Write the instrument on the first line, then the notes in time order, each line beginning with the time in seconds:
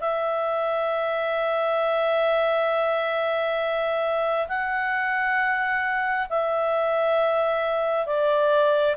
clarinet
0.00 E5
4.48 F#5
6.29 E5
8.06 D5